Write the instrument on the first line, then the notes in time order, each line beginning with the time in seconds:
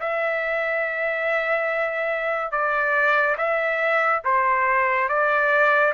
trumpet
0.00 E5
2.52 D5
3.37 E5
4.24 C5
5.09 D5